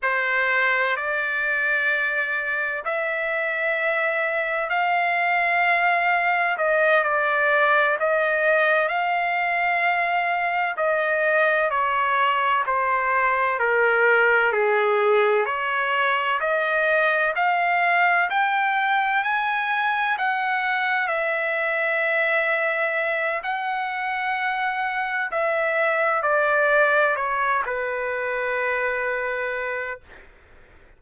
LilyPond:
\new Staff \with { instrumentName = "trumpet" } { \time 4/4 \tempo 4 = 64 c''4 d''2 e''4~ | e''4 f''2 dis''8 d''8~ | d''8 dis''4 f''2 dis''8~ | dis''8 cis''4 c''4 ais'4 gis'8~ |
gis'8 cis''4 dis''4 f''4 g''8~ | g''8 gis''4 fis''4 e''4.~ | e''4 fis''2 e''4 | d''4 cis''8 b'2~ b'8 | }